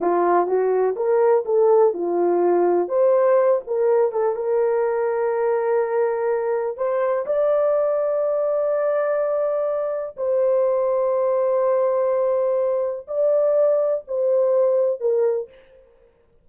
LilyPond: \new Staff \with { instrumentName = "horn" } { \time 4/4 \tempo 4 = 124 f'4 fis'4 ais'4 a'4 | f'2 c''4. ais'8~ | ais'8 a'8 ais'2.~ | ais'2 c''4 d''4~ |
d''1~ | d''4 c''2.~ | c''2. d''4~ | d''4 c''2 ais'4 | }